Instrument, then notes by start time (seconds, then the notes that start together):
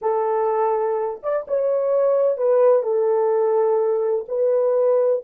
horn
0.01 A4
1.22 D5
1.47 C#5
2.37 B4
2.82 A4
4.27 B4